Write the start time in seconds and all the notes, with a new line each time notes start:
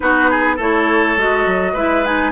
0.00 B3 D#4 F#4 B4
0.30 G#4
0.56 A3 E4 A4 C#5
1.16 G#3 F#4 D#5
1.46 F#3
1.73 G#3 E4 B4 E5
2.05 D#4 G#5